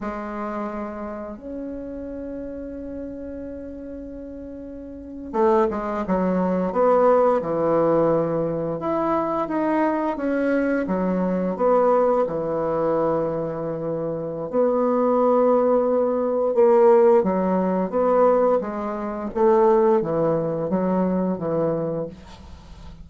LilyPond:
\new Staff \with { instrumentName = "bassoon" } { \time 4/4 \tempo 4 = 87 gis2 cis'2~ | cis'2.~ cis'8. a16~ | a16 gis8 fis4 b4 e4~ e16~ | e8. e'4 dis'4 cis'4 fis16~ |
fis8. b4 e2~ e16~ | e4 b2. | ais4 fis4 b4 gis4 | a4 e4 fis4 e4 | }